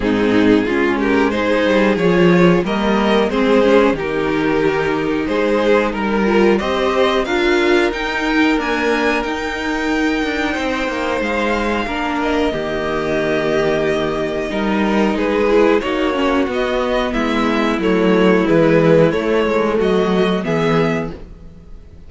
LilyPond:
<<
  \new Staff \with { instrumentName = "violin" } { \time 4/4 \tempo 4 = 91 gis'4. ais'8 c''4 cis''4 | dis''4 c''4 ais'2 | c''4 ais'4 dis''4 f''4 | g''4 gis''4 g''2~ |
g''4 f''4. dis''4.~ | dis''2. b'4 | cis''4 dis''4 e''4 cis''4 | b'4 cis''4 dis''4 e''4 | }
  \new Staff \with { instrumentName = "violin" } { \time 4/4 dis'4 f'8 g'8 gis'2 | ais'4 gis'4 g'2 | gis'4 ais'4 c''4 ais'4~ | ais'1 |
c''2 ais'4 g'4~ | g'2 ais'4 gis'4 | fis'2 e'2~ | e'2 fis'4 gis'4 | }
  \new Staff \with { instrumentName = "viola" } { \time 4/4 c'4 cis'4 dis'4 f'4 | ais4 c'8 cis'8 dis'2~ | dis'4. f'8 g'4 f'4 | dis'4 ais4 dis'2~ |
dis'2 d'4 ais4~ | ais2 dis'4. e'8 | dis'8 cis'8 b2 a4 | gis4 a2 b4 | }
  \new Staff \with { instrumentName = "cello" } { \time 4/4 gis,4 gis4. g8 f4 | g4 gis4 dis2 | gis4 g4 c'4 d'4 | dis'4 d'4 dis'4. d'8 |
c'8 ais8 gis4 ais4 dis4~ | dis2 g4 gis4 | ais4 b4 gis4 fis4 | e4 a8 gis8 fis4 e4 | }
>>